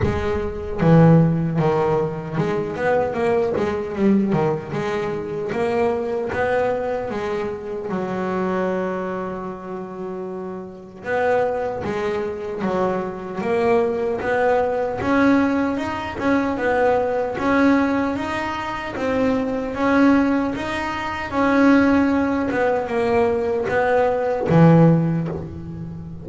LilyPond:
\new Staff \with { instrumentName = "double bass" } { \time 4/4 \tempo 4 = 76 gis4 e4 dis4 gis8 b8 | ais8 gis8 g8 dis8 gis4 ais4 | b4 gis4 fis2~ | fis2 b4 gis4 |
fis4 ais4 b4 cis'4 | dis'8 cis'8 b4 cis'4 dis'4 | c'4 cis'4 dis'4 cis'4~ | cis'8 b8 ais4 b4 e4 | }